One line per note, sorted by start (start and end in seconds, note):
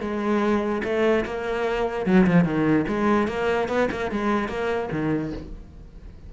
0.00 0.82 G#3
0.84 1.24 A3
1.25 2.06 A#3
2.06 2.26 F#3
2.27 2.44 F3
2.44 2.85 D#3
2.88 3.27 G#3
3.27 3.68 A#3
3.68 3.88 B3
3.91 4.11 A#3
4.11 4.48 G#3
4.48 4.89 A#3
4.91 5.32 D#3